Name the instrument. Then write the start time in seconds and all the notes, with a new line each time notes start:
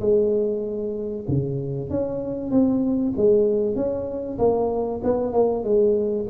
tuba
0.00 G#3
1.28 C#3
1.90 C#4
2.50 C4
3.17 G#3
3.75 C#4
4.38 A#3
5.03 B3
5.32 A#3
5.63 G#3